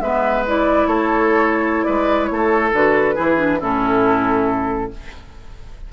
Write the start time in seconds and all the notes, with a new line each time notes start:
0.00 G#3 B3 B4 E5
0.46 E4 D5
0.86 A3 A4 C#5
1.83 G#3 B4 D5
2.25 A3 C#5
2.32 A4
2.72 D3 F#4 B4
3.15 E3 E4 G#4
3.37 D4
3.59 A2 C#4 E4 A4